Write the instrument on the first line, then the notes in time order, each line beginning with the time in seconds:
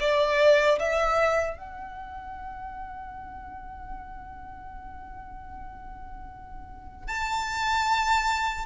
violin
0.00 D5
0.79 E5
1.58 F#5
7.08 A5